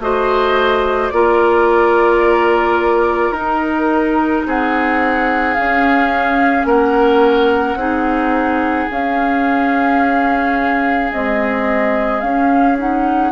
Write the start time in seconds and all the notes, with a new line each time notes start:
0.00 A3 F#4 C5 D#5
1.10 A#3 F4 A#4 D5
3.31 D#4 A#4
4.47 C4 G#4 F#5
5.54 C#4 F5
6.66 A#3 A#4 F#5
7.75 C4 D#4 G#4
8.91 C#4 F5
11.12 G#3 C4 D#5
12.21 C#4 F5
12.78 D#4 F#5